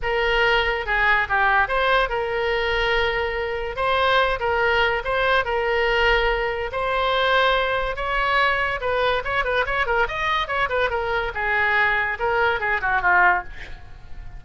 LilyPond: \new Staff \with { instrumentName = "oboe" } { \time 4/4 \tempo 4 = 143 ais'2 gis'4 g'4 | c''4 ais'2.~ | ais'4 c''4. ais'4. | c''4 ais'2. |
c''2. cis''4~ | cis''4 b'4 cis''8 b'8 cis''8 ais'8 | dis''4 cis''8 b'8 ais'4 gis'4~ | gis'4 ais'4 gis'8 fis'8 f'4 | }